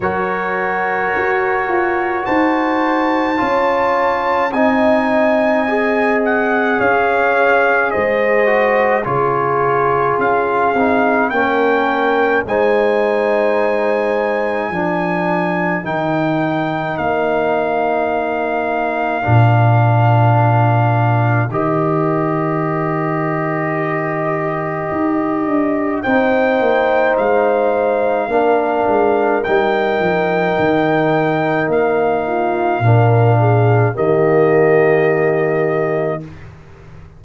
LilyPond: <<
  \new Staff \with { instrumentName = "trumpet" } { \time 4/4 \tempo 4 = 53 cis''2 a''2 | gis''4. fis''8 f''4 dis''4 | cis''4 f''4 g''4 gis''4~ | gis''2 g''4 f''4~ |
f''2. dis''4~ | dis''2. g''4 | f''2 g''2 | f''2 dis''2 | }
  \new Staff \with { instrumentName = "horn" } { \time 4/4 ais'2 c''4 cis''4 | dis''2 cis''4 c''4 | gis'2 ais'4 c''4~ | c''4 ais'2.~ |
ais'1~ | ais'2. c''4~ | c''4 ais'2.~ | ais'8 f'8 ais'8 gis'8 g'2 | }
  \new Staff \with { instrumentName = "trombone" } { \time 4/4 fis'2. f'4 | dis'4 gis'2~ gis'8 fis'8 | f'4. dis'8 cis'4 dis'4~ | dis'4 d'4 dis'2~ |
dis'4 d'2 g'4~ | g'2. dis'4~ | dis'4 d'4 dis'2~ | dis'4 d'4 ais2 | }
  \new Staff \with { instrumentName = "tuba" } { \time 4/4 fis4 fis'8 f'8 dis'4 cis'4 | c'2 cis'4 gis4 | cis4 cis'8 c'8 ais4 gis4~ | gis4 f4 dis4 ais4~ |
ais4 ais,2 dis4~ | dis2 dis'8 d'8 c'8 ais8 | gis4 ais8 gis8 g8 f8 dis4 | ais4 ais,4 dis2 | }
>>